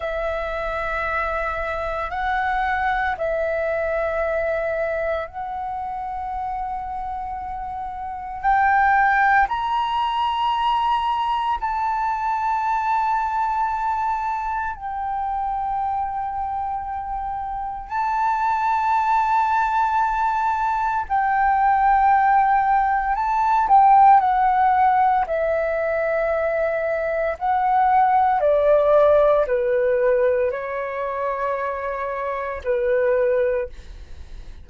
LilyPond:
\new Staff \with { instrumentName = "flute" } { \time 4/4 \tempo 4 = 57 e''2 fis''4 e''4~ | e''4 fis''2. | g''4 ais''2 a''4~ | a''2 g''2~ |
g''4 a''2. | g''2 a''8 g''8 fis''4 | e''2 fis''4 d''4 | b'4 cis''2 b'4 | }